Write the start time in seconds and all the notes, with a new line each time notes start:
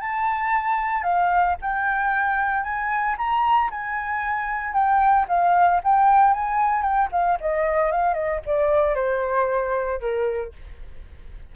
0.00 A5
1.03 F5
1.61 G5
2.63 G#5
3.18 A#5
3.71 G#5
4.73 G5
5.28 F5
5.84 G5
6.33 G#5
6.82 G5
7.12 F5
7.41 D#5
7.91 F5
8.14 D#5
8.46 D5
8.95 C5
10.00 A#4